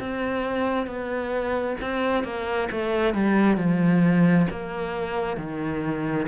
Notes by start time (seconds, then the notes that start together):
0.00 C4
0.87 B3
1.81 C4
2.24 A#3
2.72 A3
3.15 G3
3.57 F3
4.50 A#3
5.37 D#3